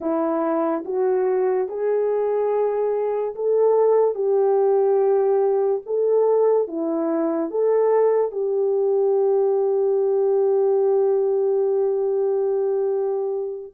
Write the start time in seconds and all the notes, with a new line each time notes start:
0.00 E4
0.84 F#4
1.68 G#4
3.35 A4
4.14 G4
5.86 A4
6.67 E4
7.50 A4
8.31 G4